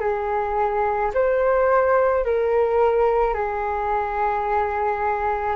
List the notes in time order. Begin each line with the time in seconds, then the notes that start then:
0.00 G#4
1.14 C5
2.24 A#4
3.34 G#4